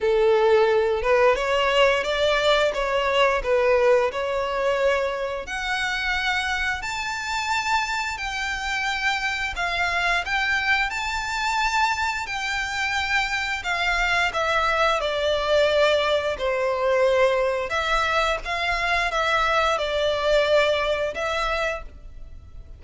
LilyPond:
\new Staff \with { instrumentName = "violin" } { \time 4/4 \tempo 4 = 88 a'4. b'8 cis''4 d''4 | cis''4 b'4 cis''2 | fis''2 a''2 | g''2 f''4 g''4 |
a''2 g''2 | f''4 e''4 d''2 | c''2 e''4 f''4 | e''4 d''2 e''4 | }